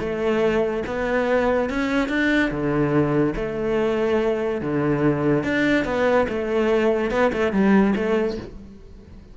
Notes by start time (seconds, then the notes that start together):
0.00 A3
0.87 B3
1.70 C#4
2.09 D4
2.51 D3
3.36 A3
4.61 D3
5.44 D4
5.85 B3
6.29 A3
7.11 B3
7.33 A3
7.53 G3
7.96 A3